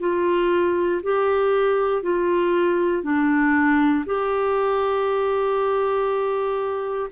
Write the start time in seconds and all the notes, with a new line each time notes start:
0.00 F4
1.03 G4
2.03 F4
3.03 D4
4.06 G4